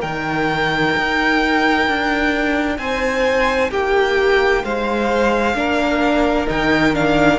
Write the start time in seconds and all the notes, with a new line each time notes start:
0.00 D#3 D#4 A#4 G5
0.97 D#4
1.88 D4
2.78 C4 C5 G#5
3.70 A#3 G4 G5
4.64 G#3 C5 F5
5.55 A#3 D4 A#4
6.47 D#3 D#4 G5
6.94 D4 F5